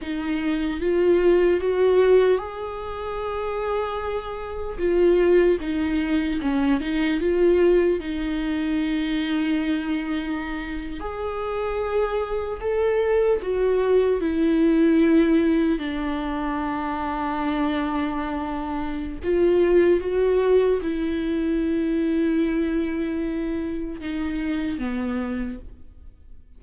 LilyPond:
\new Staff \with { instrumentName = "viola" } { \time 4/4 \tempo 4 = 75 dis'4 f'4 fis'4 gis'4~ | gis'2 f'4 dis'4 | cis'8 dis'8 f'4 dis'2~ | dis'4.~ dis'16 gis'2 a'16~ |
a'8. fis'4 e'2 d'16~ | d'1 | f'4 fis'4 e'2~ | e'2 dis'4 b4 | }